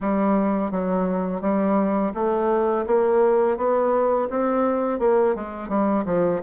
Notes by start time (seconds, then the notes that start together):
0.01 G3
0.71 F#3
1.41 G3
2.14 A3
2.86 A#3
3.57 B3
4.30 C4
4.99 A#3
5.35 G#3
5.69 G3
6.05 F3